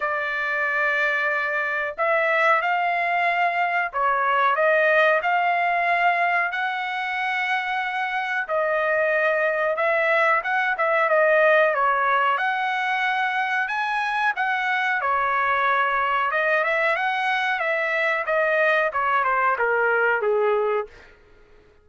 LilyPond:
\new Staff \with { instrumentName = "trumpet" } { \time 4/4 \tempo 4 = 92 d''2. e''4 | f''2 cis''4 dis''4 | f''2 fis''2~ | fis''4 dis''2 e''4 |
fis''8 e''8 dis''4 cis''4 fis''4~ | fis''4 gis''4 fis''4 cis''4~ | cis''4 dis''8 e''8 fis''4 e''4 | dis''4 cis''8 c''8 ais'4 gis'4 | }